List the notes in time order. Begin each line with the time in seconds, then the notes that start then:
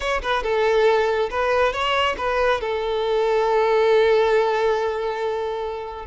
0.00 C#5
0.22 B4
0.43 A4
1.30 B4
1.72 C#5
2.17 B4
2.60 A4